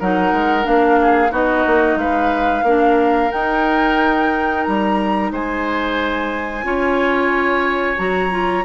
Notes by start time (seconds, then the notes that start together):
0.00 F#3 D#4 A#4 F#5
0.32 G#3
0.63 A#3 D4 F5
1.02 G#4
1.30 B3 D#4 F#4 D#5
1.67 A#3
1.96 G#3 B4 F5
2.63 A#3 D4 A#4
3.32 D#4 G5
4.64 G3 A#5
5.32 G#3 C5 G#5
6.64 C#4 F4 C#5
7.97 F#3 F#4 A#5
8.31 F4